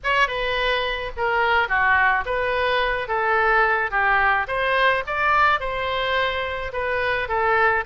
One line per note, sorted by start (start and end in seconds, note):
0.03 0.27 C#5
0.27 1.11 B4
1.16 1.68 A#4
1.68 2.24 F#4
2.25 3.07 B4
3.07 3.90 A4
3.90 4.47 G4
4.47 5.03 C5
5.06 5.59 D5
5.59 6.72 C5
6.72 7.28 B4
7.28 7.84 A4